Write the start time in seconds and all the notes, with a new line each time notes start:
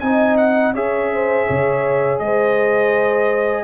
0.00 C4 D#4 D#5 G#5
0.37 F#5
0.74 C#4 G#4 C#5 E5
1.13 C5
1.47 C#3 C#5
2.19 G#3 C5 D#5